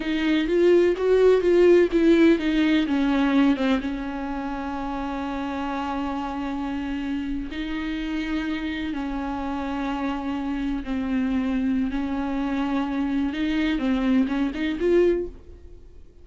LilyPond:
\new Staff \with { instrumentName = "viola" } { \time 4/4 \tempo 4 = 126 dis'4 f'4 fis'4 f'4 | e'4 dis'4 cis'4. c'8 | cis'1~ | cis'2.~ cis'8. dis'16~ |
dis'2~ dis'8. cis'4~ cis'16~ | cis'2~ cis'8. c'4~ c'16~ | c'4 cis'2. | dis'4 c'4 cis'8 dis'8 f'4 | }